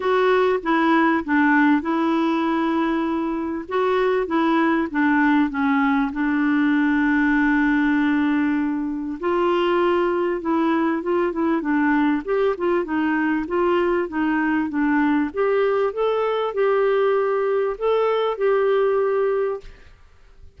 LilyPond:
\new Staff \with { instrumentName = "clarinet" } { \time 4/4 \tempo 4 = 98 fis'4 e'4 d'4 e'4~ | e'2 fis'4 e'4 | d'4 cis'4 d'2~ | d'2. f'4~ |
f'4 e'4 f'8 e'8 d'4 | g'8 f'8 dis'4 f'4 dis'4 | d'4 g'4 a'4 g'4~ | g'4 a'4 g'2 | }